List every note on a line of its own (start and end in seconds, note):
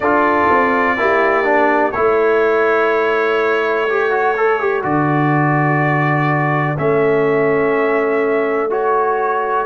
0.00 0.46 D4
0.00 0.97 F4
0.00 0.97 A4
0.00 1.91 D5
0.50 0.98 C4
0.97 1.95 A#3
0.97 1.44 E4
0.97 1.96 G4
1.44 1.92 D4
1.91 4.84 A3
1.91 3.88 E4
1.91 9.66 A4
1.91 4.81 C#5
3.88 4.10 G4
4.10 4.34 F#4
4.36 4.59 A4
4.59 4.82 G4
4.82 6.77 D3
4.82 6.76 F#4
4.82 6.77 D5
6.78 9.66 A3
6.78 8.70 C#4
6.78 8.71 E5
8.70 9.66 F#4
8.70 9.66 C#5